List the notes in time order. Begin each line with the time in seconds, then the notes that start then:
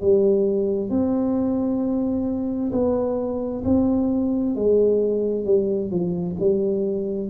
0.00 G3
0.89 C4
2.72 B3
3.64 C4
4.55 G#3
5.45 G3
5.90 F3
6.39 G3